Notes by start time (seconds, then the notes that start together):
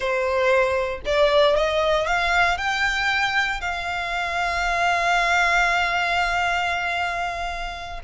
0.00 C5
1.05 D5
1.56 D#5
2.07 F5
2.57 G5
3.61 F5